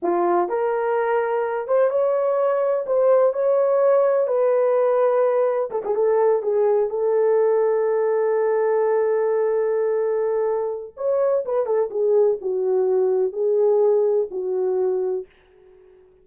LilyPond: \new Staff \with { instrumentName = "horn" } { \time 4/4 \tempo 4 = 126 f'4 ais'2~ ais'8 c''8 | cis''2 c''4 cis''4~ | cis''4 b'2. | a'16 gis'16 a'4 gis'4 a'4.~ |
a'1~ | a'2. cis''4 | b'8 a'8 gis'4 fis'2 | gis'2 fis'2 | }